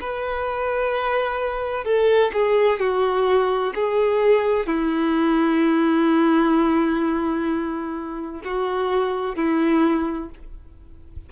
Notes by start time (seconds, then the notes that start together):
0.00 B4
1.84 A4
2.33 G#4
2.79 F#4
3.75 G#4
4.66 E4
8.44 F#4
9.35 E4